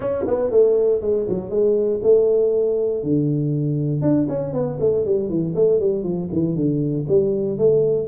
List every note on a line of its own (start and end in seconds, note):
0.00 0.25 C#4
0.27 0.50 B3
0.50 1.01 A3
1.01 1.26 G#3
1.28 1.50 F#3
1.50 2.00 G#3
2.02 3.03 A3
3.03 4.01 D3
4.01 4.27 D4
4.28 4.53 C#4
4.53 4.78 B3
4.80 5.05 A3
5.05 5.29 G3
5.29 5.54 E3
5.55 5.80 A3
5.80 6.03 G3
6.03 6.28 F3
6.32 6.55 E3
6.55 7.06 D3
7.08 7.58 G3
7.58 8.07 A3